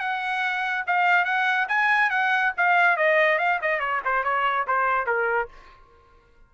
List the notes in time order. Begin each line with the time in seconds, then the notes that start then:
0.00 F#5
0.87 F5
1.25 F#5
1.69 G#5
2.10 F#5
2.57 F5
2.97 D#5
3.39 F5
3.62 D#5
3.80 C#5
4.05 C5
4.24 C#5
4.67 C5
5.07 A#4